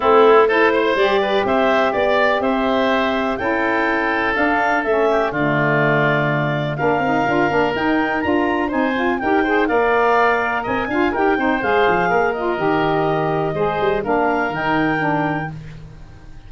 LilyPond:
<<
  \new Staff \with { instrumentName = "clarinet" } { \time 4/4 \tempo 4 = 124 a'4 c''4 d''4 e''4 | d''4 e''2 g''4~ | g''4 f''4 e''4 d''4~ | d''2 f''2 |
g''4 ais''4 gis''4 g''4 | f''2 gis''4 g''4 | f''4. dis''2~ dis''8~ | dis''4 f''4 g''2 | }
  \new Staff \with { instrumentName = "oboe" } { \time 4/4 e'4 a'8 c''4 b'8 c''4 | d''4 c''2 a'4~ | a'2~ a'8 g'8 f'4~ | f'2 ais'2~ |
ais'2 c''4 ais'8 c''8 | d''2 dis''8 f''8 ais'8 c''8~ | c''4 ais'2. | c''4 ais'2. | }
  \new Staff \with { instrumentName = "saxophone" } { \time 4/4 c'4 e'4 g'2~ | g'2. e'4~ | e'4 d'4 cis'4 a4~ | a2 d'8 dis'8 f'8 d'8 |
dis'4 f'4 dis'8 f'8 g'8 gis'8 | ais'2~ ais'8 f'8 g'8 dis'8 | gis'4. f'8 g'2 | gis'4 d'4 dis'4 d'4 | }
  \new Staff \with { instrumentName = "tuba" } { \time 4/4 a2 g4 c'4 | b4 c'2 cis'4~ | cis'4 d'4 a4 d4~ | d2 ais8 c'8 d'8 ais8 |
dis'4 d'4 c'4 dis'4 | ais2 c'8 d'8 dis'8 c'8 | gis8 f8 ais4 dis2 | gis8 g8 ais4 dis2 | }
>>